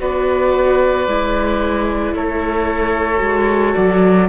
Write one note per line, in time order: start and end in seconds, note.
0.00 1.08 B3
0.00 1.07 F#4
0.00 2.15 B4
0.00 2.15 D5
1.08 2.14 G#3
1.08 3.18 E4
2.14 3.21 A3
2.14 4.29 A4
2.14 3.75 C#5
3.18 3.75 G#3
3.18 4.25 F#4
3.75 4.29 F#3
3.75 4.29 D5